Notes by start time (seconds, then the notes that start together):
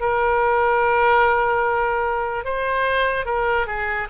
0.00 A#4
2.45 C5
3.26 A#4
3.67 G#4